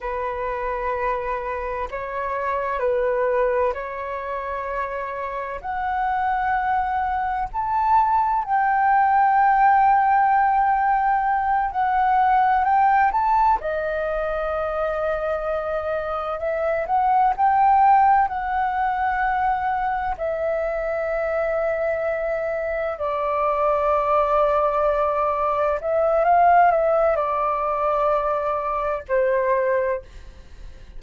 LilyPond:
\new Staff \with { instrumentName = "flute" } { \time 4/4 \tempo 4 = 64 b'2 cis''4 b'4 | cis''2 fis''2 | a''4 g''2.~ | g''8 fis''4 g''8 a''8 dis''4.~ |
dis''4. e''8 fis''8 g''4 fis''8~ | fis''4. e''2~ e''8~ | e''8 d''2. e''8 | f''8 e''8 d''2 c''4 | }